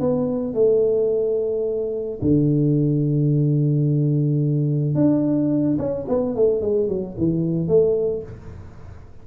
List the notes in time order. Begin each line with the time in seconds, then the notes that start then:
0.00 B3
0.54 A3
2.21 D3
4.95 D4
5.78 C#4
6.08 B3
6.36 A3
6.61 G#3
6.88 F#3
7.17 E3
7.68 A3